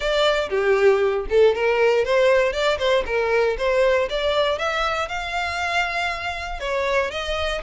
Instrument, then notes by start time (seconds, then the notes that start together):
violin
0.00 D5
0.49 G4
1.29 A4
1.55 A#4
2.05 C5
2.52 D5
2.78 C5
3.06 A#4
3.57 C5
4.09 D5
4.58 E5
5.08 F5
6.60 C#5
7.10 D#5